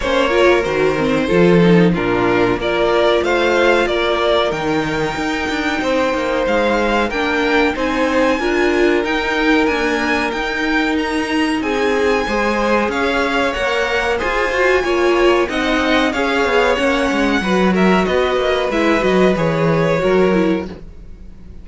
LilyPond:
<<
  \new Staff \with { instrumentName = "violin" } { \time 4/4 \tempo 4 = 93 cis''4 c''2 ais'4 | d''4 f''4 d''4 g''4~ | g''2 f''4 g''4 | gis''2 g''4 gis''4 |
g''4 ais''4 gis''2 | f''4 fis''4 gis''2 | fis''4 f''4 fis''4. e''8 | dis''4 e''8 dis''8 cis''2 | }
  \new Staff \with { instrumentName = "violin" } { \time 4/4 c''8 ais'4. a'4 f'4 | ais'4 c''4 ais'2~ | ais'4 c''2 ais'4 | c''4 ais'2.~ |
ais'2 gis'4 c''4 | cis''2 c''4 cis''4 | dis''4 cis''2 b'8 ais'8 | b'2. ais'4 | }
  \new Staff \with { instrumentName = "viola" } { \time 4/4 cis'8 f'8 fis'8 c'8 f'8 dis'8 d'4 | f'2. dis'4~ | dis'2. d'4 | dis'4 f'4 dis'4 ais4 |
dis'2. gis'4~ | gis'4 ais'4 gis'8 fis'8 f'4 | dis'4 gis'4 cis'4 fis'4~ | fis'4 e'8 fis'8 gis'4 fis'8 e'8 | }
  \new Staff \with { instrumentName = "cello" } { \time 4/4 ais4 dis4 f4 ais,4 | ais4 a4 ais4 dis4 | dis'8 d'8 c'8 ais8 gis4 ais4 | c'4 d'4 dis'4 d'4 |
dis'2 c'4 gis4 | cis'4 ais4 f'4 ais4 | c'4 cis'8 b8 ais8 gis8 fis4 | b8 ais8 gis8 fis8 e4 fis4 | }
>>